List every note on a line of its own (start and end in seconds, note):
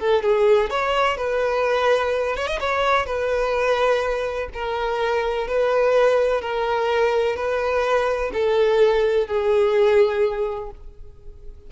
0.00 0.23 A4
0.23 0.70 G#4
0.70 1.18 C#5
1.18 2.37 B4
2.37 2.48 C#5
2.48 2.60 D#5
2.60 3.06 C#5
3.06 4.49 B4
4.54 5.48 A#4
5.48 6.42 B4
6.42 7.36 A#4
7.36 8.32 B4
8.34 9.28 A4
9.28 10.71 G#4